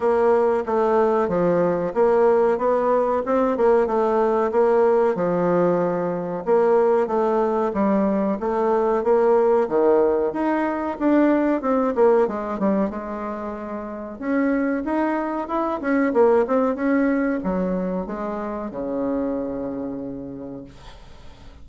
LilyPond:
\new Staff \with { instrumentName = "bassoon" } { \time 4/4 \tempo 4 = 93 ais4 a4 f4 ais4 | b4 c'8 ais8 a4 ais4 | f2 ais4 a4 | g4 a4 ais4 dis4 |
dis'4 d'4 c'8 ais8 gis8 g8 | gis2 cis'4 dis'4 | e'8 cis'8 ais8 c'8 cis'4 fis4 | gis4 cis2. | }